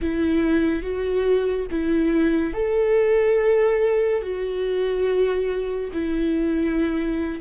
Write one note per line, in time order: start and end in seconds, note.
0.01 0.82 E4
0.82 1.66 F#4
1.70 2.53 E4
2.53 4.21 A4
4.21 5.90 F#4
5.92 7.40 E4